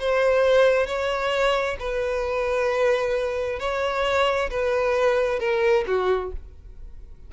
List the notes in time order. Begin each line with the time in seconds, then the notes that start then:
0.00 C5
0.87 C#5
1.80 B4
3.60 C#5
4.51 B4
5.40 A#4
5.87 F#4